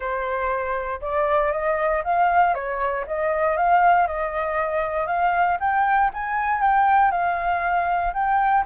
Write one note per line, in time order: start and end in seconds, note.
0.00 1.00 C5
1.01 1.51 D5
1.51 2.02 D#5
2.04 2.54 F5
2.54 3.05 C#5
3.06 3.56 D#5
3.56 4.07 F5
4.07 5.07 D#5
5.07 5.57 F5
5.60 6.10 G5
6.13 6.61 G#5
6.61 7.11 G5
7.11 8.13 F5
8.13 8.64 G5